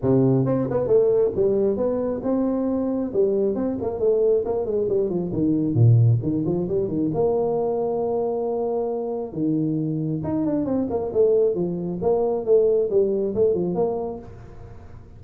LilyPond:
\new Staff \with { instrumentName = "tuba" } { \time 4/4 \tempo 4 = 135 c4 c'8 b8 a4 g4 | b4 c'2 g4 | c'8 ais8 a4 ais8 gis8 g8 f8 | dis4 ais,4 dis8 f8 g8 dis8 |
ais1~ | ais4 dis2 dis'8 d'8 | c'8 ais8 a4 f4 ais4 | a4 g4 a8 f8 ais4 | }